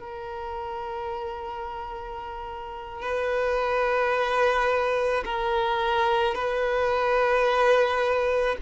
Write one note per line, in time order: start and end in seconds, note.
0.00 3.02 A#4
3.02 5.24 B4
5.25 6.34 A#4
6.34 8.57 B4